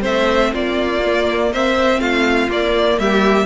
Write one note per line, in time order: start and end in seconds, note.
0.00 0.53 A3
0.00 0.98 C4
0.00 0.51 C5
0.00 0.54 E5
0.52 1.99 A#3
0.52 1.51 F4
0.52 1.53 D5
1.05 1.54 A#3
1.52 2.49 C4
1.52 2.00 C5
1.52 2.00 E5
1.99 2.48 A3
1.99 2.98 F4
1.99 2.49 F5
2.49 2.98 A#3
2.49 3.46 A#3
2.49 2.99 D5
2.98 3.46 G3
2.98 3.46 G4
2.98 3.46 E5